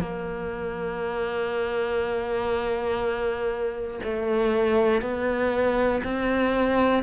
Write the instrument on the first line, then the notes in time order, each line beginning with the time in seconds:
cello
0.00 A#3
4.04 A3
5.01 B3
6.04 C4